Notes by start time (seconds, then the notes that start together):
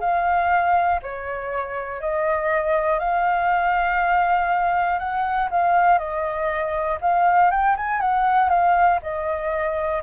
0.00 F5
1.02 C#5
2.00 D#5
2.99 F5
4.98 F#5
5.50 F5
5.98 D#5
7.01 F5
7.50 G5
7.76 G#5
8.00 F#5
8.49 F5
9.02 D#5